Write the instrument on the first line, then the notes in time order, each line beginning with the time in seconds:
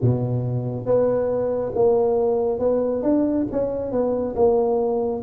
tuba
0.01 B2
0.85 B3
1.74 A#3
2.59 B3
3.02 D4
3.51 C#4
3.91 B3
4.35 A#3